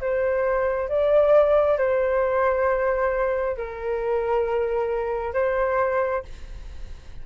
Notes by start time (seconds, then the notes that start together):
0.00 C5
0.88 D5
1.77 C5
3.57 A#4
5.33 C5